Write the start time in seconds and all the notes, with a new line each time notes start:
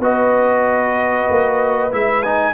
0.00 B3 F#4 B4 D#5
1.31 A#3
1.92 G#3 E4 E5
2.23 D#4 G#5